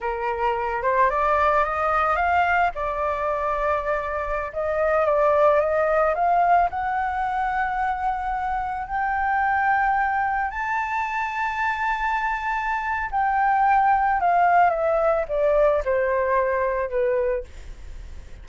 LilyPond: \new Staff \with { instrumentName = "flute" } { \time 4/4 \tempo 4 = 110 ais'4. c''8 d''4 dis''4 | f''4 d''2.~ | d''16 dis''4 d''4 dis''4 f''8.~ | f''16 fis''2.~ fis''8.~ |
fis''16 g''2. a''8.~ | a''1 | g''2 f''4 e''4 | d''4 c''2 b'4 | }